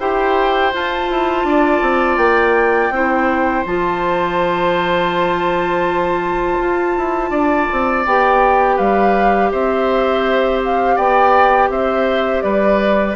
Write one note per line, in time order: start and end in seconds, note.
0.00 0.73 E4
0.00 0.73 G4
0.00 1.47 C5
0.00 0.73 G5
0.73 2.92 F4
0.73 1.10 F4
0.73 2.18 A5
1.10 1.44 E4
1.44 1.81 D4
1.44 2.94 D5
1.82 2.17 C4
2.17 2.90 A#3
2.17 3.64 G5
2.90 3.63 C4
2.90 3.67 E4
2.90 7.31 C5
3.66 6.58 F3
3.66 8.06 F4
3.66 8.05 A5
6.60 6.96 F4
6.98 7.31 E4
7.31 7.67 D4
7.31 8.76 D5
7.72 8.06 C4
8.06 8.79 B3
8.06 13.16 G4
8.06 8.78 G5
8.76 9.52 G3
8.76 9.49 B4
8.76 9.51 F5
9.52 10.97 C4
9.52 10.96 C5
9.52 10.62 E5
10.65 10.97 F5
10.96 11.69 B3
10.96 11.69 D5
10.96 11.70 G5
11.69 12.42 C4
11.69 12.44 C5
11.69 12.42 E5
12.42 13.16 G3
12.42 13.16 B4
12.42 13.15 D5